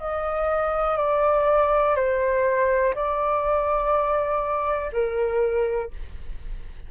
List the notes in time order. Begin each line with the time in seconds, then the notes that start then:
0.00 D#5
0.97 D5
1.96 C5
2.95 D5
4.93 A#4